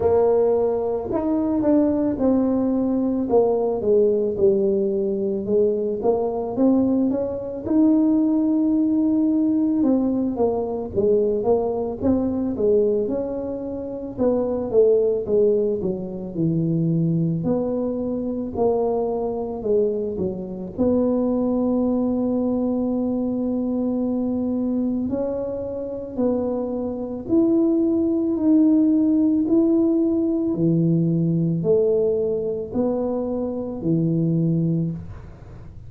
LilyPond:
\new Staff \with { instrumentName = "tuba" } { \time 4/4 \tempo 4 = 55 ais4 dis'8 d'8 c'4 ais8 gis8 | g4 gis8 ais8 c'8 cis'8 dis'4~ | dis'4 c'8 ais8 gis8 ais8 c'8 gis8 | cis'4 b8 a8 gis8 fis8 e4 |
b4 ais4 gis8 fis8 b4~ | b2. cis'4 | b4 e'4 dis'4 e'4 | e4 a4 b4 e4 | }